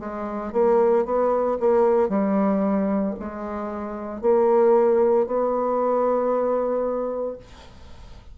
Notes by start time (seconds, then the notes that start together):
0.00 G#3
0.53 A#3
1.05 B3
1.60 A#3
2.09 G3
3.19 G#3
4.21 A#3
5.26 B3